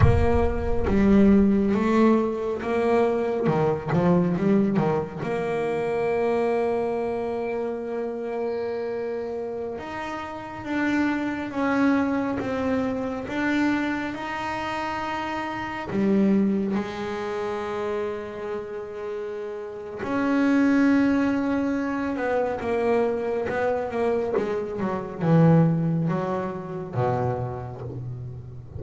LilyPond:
\new Staff \with { instrumentName = "double bass" } { \time 4/4 \tempo 4 = 69 ais4 g4 a4 ais4 | dis8 f8 g8 dis8 ais2~ | ais2.~ ais16 dis'8.~ | dis'16 d'4 cis'4 c'4 d'8.~ |
d'16 dis'2 g4 gis8.~ | gis2. cis'4~ | cis'4. b8 ais4 b8 ais8 | gis8 fis8 e4 fis4 b,4 | }